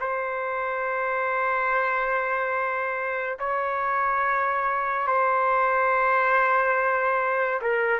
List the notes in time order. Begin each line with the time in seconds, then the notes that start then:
0.00 C5
3.39 C#5
5.07 C5
7.62 A#4